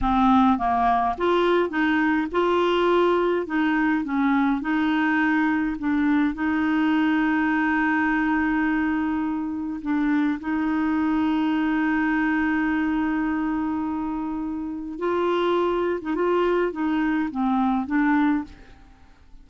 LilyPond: \new Staff \with { instrumentName = "clarinet" } { \time 4/4 \tempo 4 = 104 c'4 ais4 f'4 dis'4 | f'2 dis'4 cis'4 | dis'2 d'4 dis'4~ | dis'1~ |
dis'4 d'4 dis'2~ | dis'1~ | dis'2 f'4.~ f'16 dis'16 | f'4 dis'4 c'4 d'4 | }